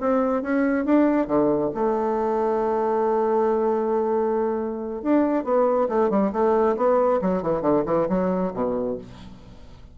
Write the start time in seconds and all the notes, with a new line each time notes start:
0.00 C4
0.42 C#4
0.85 D4
1.27 D3
1.74 A3
5.02 D4
5.44 B3
5.89 A3
6.10 G3
6.32 A3
6.76 B3
7.21 F#3
7.42 E3
7.61 D3
7.86 E3
8.09 F#3
8.54 B2